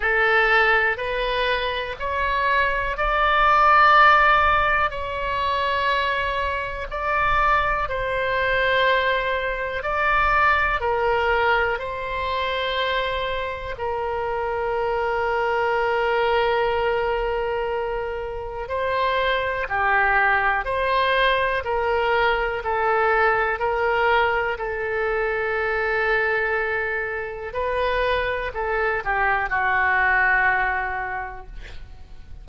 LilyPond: \new Staff \with { instrumentName = "oboe" } { \time 4/4 \tempo 4 = 61 a'4 b'4 cis''4 d''4~ | d''4 cis''2 d''4 | c''2 d''4 ais'4 | c''2 ais'2~ |
ais'2. c''4 | g'4 c''4 ais'4 a'4 | ais'4 a'2. | b'4 a'8 g'8 fis'2 | }